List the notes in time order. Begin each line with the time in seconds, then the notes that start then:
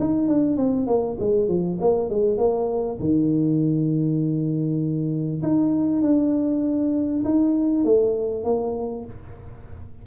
0.00 D#4
0.28 D4
0.57 C4
0.87 A#3
1.20 G#3
1.49 F3
1.82 A#3
2.10 G#3
2.38 A#3
3.00 D#3
5.43 D#4
6.02 D4
7.25 D#4
7.85 A3
8.45 A#3